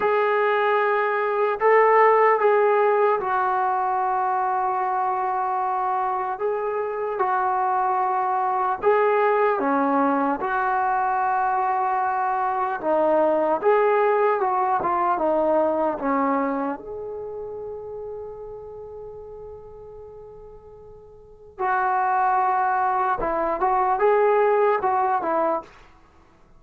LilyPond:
\new Staff \with { instrumentName = "trombone" } { \time 4/4 \tempo 4 = 75 gis'2 a'4 gis'4 | fis'1 | gis'4 fis'2 gis'4 | cis'4 fis'2. |
dis'4 gis'4 fis'8 f'8 dis'4 | cis'4 gis'2.~ | gis'2. fis'4~ | fis'4 e'8 fis'8 gis'4 fis'8 e'8 | }